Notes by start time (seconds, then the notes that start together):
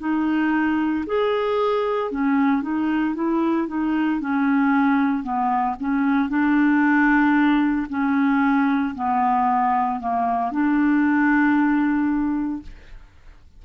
0.00 D#4
1.07 G#4
2.11 C#4
2.63 D#4
3.15 E4
3.68 D#4
4.21 C#4
5.23 B3
5.80 C#4
6.29 D4
7.89 C#4
8.95 B3
10.00 A#3
10.52 D4